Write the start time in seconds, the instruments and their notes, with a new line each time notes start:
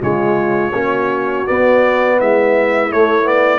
0.00 tuba C#3, trombone G#3, horn F4, trumpet C#5
0.73 tuba A#3, trombone C#4, horn F#4
1.46 trombone B3, tuba B3, trumpet D5
2.18 tuba G#3, horn E4, trumpet E5
2.91 trombone A3, tuba A3, trumpet C#5
3.22 trombone B3, trumpet D5